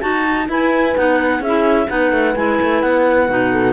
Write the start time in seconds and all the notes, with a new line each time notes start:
0.00 D#4 F#4 A5
0.47 E4 B4 G#5
0.95 B3 D#4 F#5
1.39 C#4 G#4 E5
1.46 E4
1.87 B3 D#4 B4 F#5
2.11 A3
2.35 G#3 E4 G#5
2.61 A3
2.81 B3 F#5
3.29 B2 D#4
3.51 A4